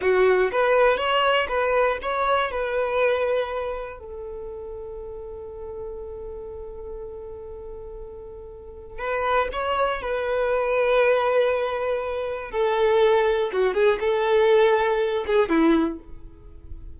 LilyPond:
\new Staff \with { instrumentName = "violin" } { \time 4/4 \tempo 4 = 120 fis'4 b'4 cis''4 b'4 | cis''4 b'2. | a'1~ | a'1~ |
a'2 b'4 cis''4 | b'1~ | b'4 a'2 fis'8 gis'8 | a'2~ a'8 gis'8 e'4 | }